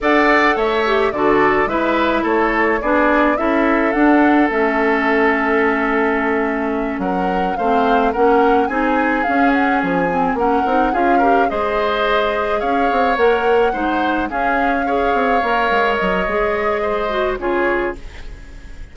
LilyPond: <<
  \new Staff \with { instrumentName = "flute" } { \time 4/4 \tempo 4 = 107 fis''4 e''4 d''4 e''4 | cis''4 d''4 e''4 fis''4 | e''1~ | e''8 fis''4 f''4 fis''4 gis''8~ |
gis''8 f''8 fis''8 gis''4 fis''4 f''8~ | f''8 dis''2 f''4 fis''8~ | fis''4. f''2~ f''8~ | f''8 dis''2~ dis''8 cis''4 | }
  \new Staff \with { instrumentName = "oboe" } { \time 4/4 d''4 cis''4 a'4 b'4 | a'4 gis'4 a'2~ | a'1~ | a'8 ais'4 c''4 ais'4 gis'8~ |
gis'2~ gis'8 ais'4 gis'8 | ais'8 c''2 cis''4.~ | cis''8 c''4 gis'4 cis''4.~ | cis''2 c''4 gis'4 | }
  \new Staff \with { instrumentName = "clarinet" } { \time 4/4 a'4. g'8 fis'4 e'4~ | e'4 d'4 e'4 d'4 | cis'1~ | cis'4. c'4 cis'4 dis'8~ |
dis'8 cis'4. c'8 cis'8 dis'8 f'8 | g'8 gis'2. ais'8~ | ais'8 dis'4 cis'4 gis'4 ais'8~ | ais'4 gis'4. fis'8 f'4 | }
  \new Staff \with { instrumentName = "bassoon" } { \time 4/4 d'4 a4 d4 gis4 | a4 b4 cis'4 d'4 | a1~ | a8 fis4 a4 ais4 c'8~ |
c'8 cis'4 f4 ais8 c'8 cis'8~ | cis'8 gis2 cis'8 c'8 ais8~ | ais8 gis4 cis'4. c'8 ais8 | gis8 fis8 gis2 cis4 | }
>>